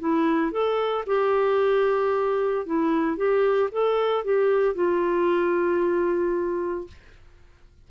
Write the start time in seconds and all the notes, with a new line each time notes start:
0.00 E4
0.52 A4
1.07 G4
2.66 E4
3.17 G4
3.72 A4
4.25 G4
4.75 F4